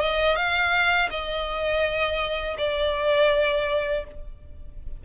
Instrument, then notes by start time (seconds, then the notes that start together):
violin
0.00 D#5
0.36 F5
1.10 D#5
2.58 D5